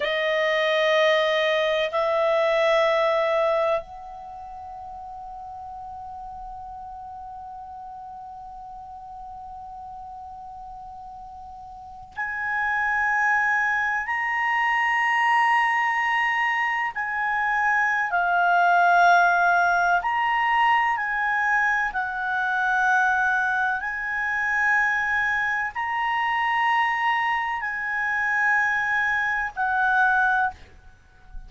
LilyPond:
\new Staff \with { instrumentName = "clarinet" } { \time 4/4 \tempo 4 = 63 dis''2 e''2 | fis''1~ | fis''1~ | fis''8. gis''2 ais''4~ ais''16~ |
ais''4.~ ais''16 gis''4~ gis''16 f''4~ | f''4 ais''4 gis''4 fis''4~ | fis''4 gis''2 ais''4~ | ais''4 gis''2 fis''4 | }